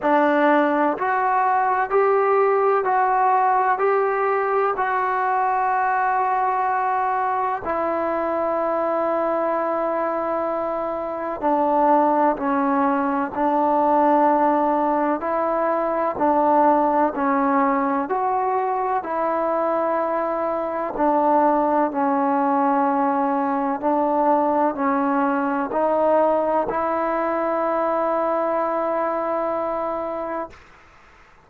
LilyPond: \new Staff \with { instrumentName = "trombone" } { \time 4/4 \tempo 4 = 63 d'4 fis'4 g'4 fis'4 | g'4 fis'2. | e'1 | d'4 cis'4 d'2 |
e'4 d'4 cis'4 fis'4 | e'2 d'4 cis'4~ | cis'4 d'4 cis'4 dis'4 | e'1 | }